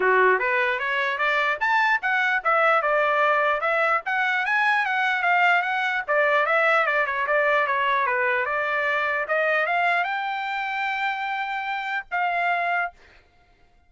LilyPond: \new Staff \with { instrumentName = "trumpet" } { \time 4/4 \tempo 4 = 149 fis'4 b'4 cis''4 d''4 | a''4 fis''4 e''4 d''4~ | d''4 e''4 fis''4 gis''4 | fis''4 f''4 fis''4 d''4 |
e''4 d''8 cis''8 d''4 cis''4 | b'4 d''2 dis''4 | f''4 g''2.~ | g''2 f''2 | }